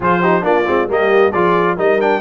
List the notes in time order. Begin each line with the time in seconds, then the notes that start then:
0.00 F3 F4 G#4 C5
0.21 D#4 G4
0.42 A#3 D4 F4 D5
0.66 G#3 C4
0.88 G3 A#3 G4 D#5
1.30 F3 F4 G#4 D5
1.76 G3 D#4 A#4 D#5
1.99 D4 G5